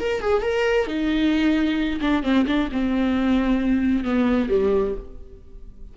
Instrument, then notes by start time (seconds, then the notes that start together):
viola
0.00 A#4
0.21 G#4
0.42 A#4
0.87 D#4
2.01 D4
2.23 C4
2.47 D4
2.72 C4
4.05 B3
4.49 G3